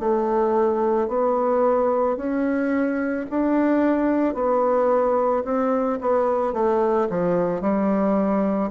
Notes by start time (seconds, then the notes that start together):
0.00 A3
1.08 B3
2.17 C#4
3.30 D4
4.35 B3
5.45 C4
6.01 B3
6.54 A3
7.10 F3
7.62 G3